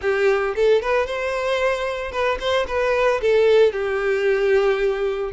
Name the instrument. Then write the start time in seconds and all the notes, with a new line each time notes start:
violin
0.01 G4
0.55 A4
0.82 B4
1.06 C5
2.11 B4
2.39 C5
2.67 B4
3.21 A4
3.72 G4